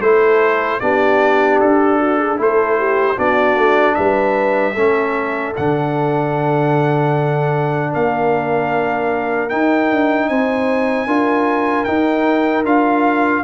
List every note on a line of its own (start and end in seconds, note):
0.00 0.79 A3
0.00 0.81 E4
0.00 0.82 A4
0.00 0.80 C5
0.80 1.61 B3
0.80 2.37 D4
0.80 2.00 G4
0.80 1.59 D5
1.60 2.38 D4
1.60 2.39 A4
2.00 2.18 F#4
2.18 2.37 G#4
2.37 3.17 A3
2.37 3.15 E4
2.37 2.78 A4
2.37 3.19 C5
2.78 3.16 G4
3.16 3.56 B3
3.16 4.74 D4
3.16 3.95 F#4
3.16 3.95 D5
3.56 3.95 A3
3.95 4.76 G3
3.95 4.74 B4
3.95 5.53 E5
4.74 5.55 A3
4.74 5.56 C#4
4.74 7.90 A4
5.56 7.95 D3
5.56 9.50 D4
5.56 7.93 F#5
7.92 9.52 A#3
7.92 10.29 A#4
7.92 9.49 F5
9.49 11.07 D#4
9.49 9.91 D#4
9.49 10.28 G5
9.91 10.29 D4
10.28 11.06 C4
10.28 11.07 C5
10.28 11.84 G#5
11.06 11.85 D4
11.06 11.86 F4
11.06 13.44 A#4
11.84 12.65 D#4
11.84 12.64 D#4
11.84 12.63 G5
12.64 13.43 D4
12.64 13.44 F4
12.64 13.44 F5